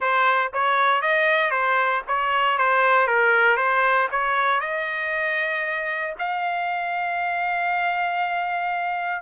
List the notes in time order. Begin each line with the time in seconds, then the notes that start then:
0.00 C5
0.53 C#5
1.01 D#5
1.51 C5
2.07 C#5
2.58 C5
3.07 A#4
3.56 C5
4.11 C#5
4.60 D#5
6.18 F5